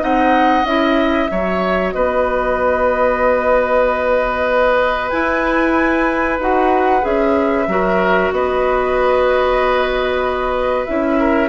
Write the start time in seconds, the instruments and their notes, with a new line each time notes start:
0.00 bassoon C4, clarinet D#4, oboe D#5, flute F#5
0.64 bassoon C#4, clarinet E4, flute E5
1.30 bassoon F#3, clarinet F#4, oboe C#5
1.92 bassoon B3, oboe B4, flute D#5
5.10 bassoon E4, clarinet E4, flute G#5
6.39 bassoon D#4, clarinet F#4, flute F#5
7.01 bassoon C#4, clarinet G#4, flute E5
7.68 bassoon F#3, clarinet F#4, oboe A#4
8.32 bassoon B3, oboe B4, flute D#5
10.86 bassoon C#4, clarinet E4, flute E5
11.20 oboe A#4